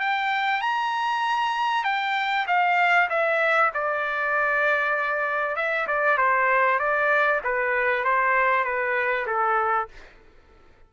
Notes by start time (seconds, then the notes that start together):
0.00 G5
0.61 A#5
1.84 G5
2.47 F5
3.10 E5
3.75 D5
5.56 E5
5.87 D5
6.18 C5
6.79 D5
7.44 B4
8.05 C5
8.65 B4
9.27 A4